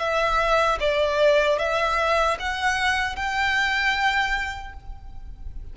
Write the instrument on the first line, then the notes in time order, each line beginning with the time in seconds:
violin
0.00 E5
0.80 D5
1.59 E5
2.40 F#5
3.16 G5